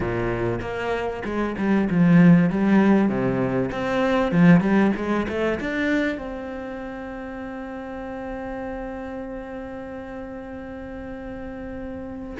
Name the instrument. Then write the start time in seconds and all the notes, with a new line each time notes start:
cello
0.00 A#2
0.60 A#3
1.24 G#3
1.58 G3
1.90 F3
2.50 G3
3.08 C3
3.71 C4
4.31 F3
4.60 G3
4.95 G#3
5.28 A3
5.60 D4
6.17 C4